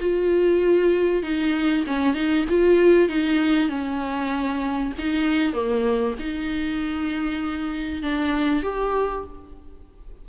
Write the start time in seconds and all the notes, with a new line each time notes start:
0.00 F4
1.22 D#4
1.87 C#4
2.14 D#4
2.49 F4
3.09 D#4
3.69 C#4
4.98 D#4
5.53 A#3
6.19 D#4
8.02 D4
8.63 G4